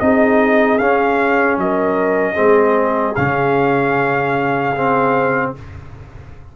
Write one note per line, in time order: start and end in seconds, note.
0.00 0.79 C4
0.00 0.79 D#4
0.00 1.61 G#4
0.00 0.78 D#5
0.78 1.57 C#4
0.78 2.35 C#4
0.78 1.57 F5
1.57 2.36 F#3
1.57 2.34 A#4
1.57 3.15 D#5
2.34 3.17 G#3
2.34 3.14 C4
2.34 5.49 G#4
3.15 5.54 C#3
3.15 4.75 C#4
3.15 5.52 F5
4.77 5.56 C4